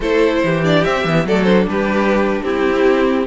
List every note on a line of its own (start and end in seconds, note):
0.00 0.42 A3
0.00 0.63 E4
0.00 0.43 A4
0.00 0.64 C5
0.43 0.85 E3
0.43 1.27 G4
0.63 0.84 D4
0.63 0.84 D5
0.84 1.06 C4
0.84 1.04 C4
0.84 1.26 E5
1.04 1.24 E3
1.04 1.27 B3
1.24 1.66 F#3
1.24 1.46 A3
1.24 1.69 A4
1.24 1.43 D5
1.43 2.51 D4
1.43 1.64 C5
1.67 2.41 G3
1.67 2.44 G4
1.67 2.42 B4
2.42 3.26 C4
2.42 3.26 E4
2.42 3.26 G4
2.54 3.26 C4